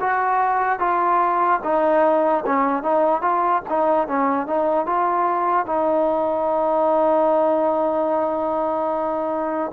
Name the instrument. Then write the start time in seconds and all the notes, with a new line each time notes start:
trombone
0.00 F#4
0.79 F4
1.63 D#4
2.46 C#4
2.83 D#4
3.21 F4
3.69 D#4
4.07 C#4
4.46 D#4
4.86 F4
5.66 D#4